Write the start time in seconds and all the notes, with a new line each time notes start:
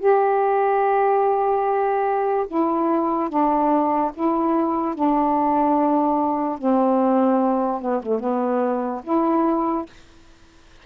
0.00 G4
2.48 E4
3.30 D4
4.14 E4
4.95 D4
6.59 C4
7.82 B3
8.03 A3
8.20 B3
9.04 E4